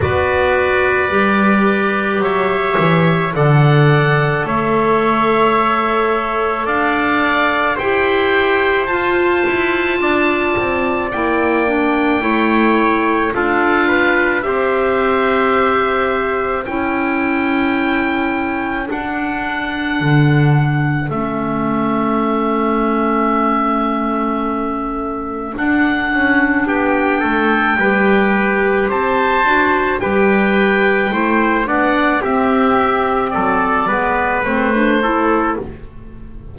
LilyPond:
<<
  \new Staff \with { instrumentName = "oboe" } { \time 4/4 \tempo 4 = 54 d''2 e''4 fis''4 | e''2 f''4 g''4 | a''2 g''2 | f''4 e''2 g''4~ |
g''4 fis''2 e''4~ | e''2. fis''4 | g''2 a''4 g''4~ | g''8 fis''8 e''4 d''4 c''4 | }
  \new Staff \with { instrumentName = "trumpet" } { \time 4/4 b'2 cis''4 d''4 | cis''2 d''4 c''4~ | c''4 d''2 cis''4 | a'8 b'8 c''2 a'4~ |
a'1~ | a'1 | g'8 a'8 b'4 c''4 b'4 | c''8 d''8 g'4 a'8 b'4 a'8 | }
  \new Staff \with { instrumentName = "clarinet" } { \time 4/4 fis'4 g'2 a'4~ | a'2. g'4 | f'2 e'8 d'8 e'4 | f'4 g'2 e'4~ |
e'4 d'2 cis'4~ | cis'2. d'4~ | d'4 g'4. fis'8 g'4 | e'8 d'8 c'4. b8 c'16 d'16 e'8 | }
  \new Staff \with { instrumentName = "double bass" } { \time 4/4 b4 g4 fis8 e8 d4 | a2 d'4 e'4 | f'8 e'8 d'8 c'8 ais4 a4 | d'4 c'2 cis'4~ |
cis'4 d'4 d4 a4~ | a2. d'8 cis'8 | b8 a8 g4 c'8 d'8 g4 | a8 b8 c'4 fis8 gis8 a4 | }
>>